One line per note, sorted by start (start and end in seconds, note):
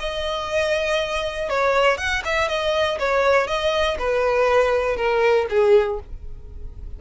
0.00 1.50 D#5
1.50 1.98 C#5
1.98 2.23 F#5
2.25 2.49 E5
2.49 2.99 D#5
2.99 3.47 C#5
3.47 3.97 D#5
3.99 4.97 B4
4.97 5.47 A#4
5.50 6.00 G#4